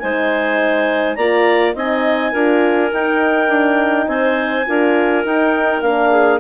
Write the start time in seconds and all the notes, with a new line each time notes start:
0.00 G#3 D#4 C5 G#5
1.16 A#3 F4 D5 A#5
1.75 C4 D#4 D#5 G#5
2.32 D4 F4 A#4
2.93 D#4 G5
3.49 D4
4.08 C4 C5 G#5
4.67 D4 F4 A#4
5.25 D#4 G5
5.82 A#3 D4 F5
6.11 G#4